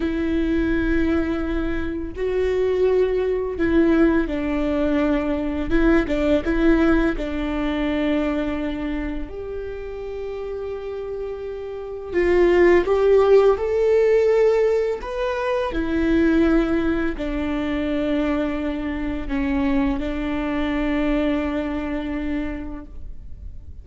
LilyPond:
\new Staff \with { instrumentName = "viola" } { \time 4/4 \tempo 4 = 84 e'2. fis'4~ | fis'4 e'4 d'2 | e'8 d'8 e'4 d'2~ | d'4 g'2.~ |
g'4 f'4 g'4 a'4~ | a'4 b'4 e'2 | d'2. cis'4 | d'1 | }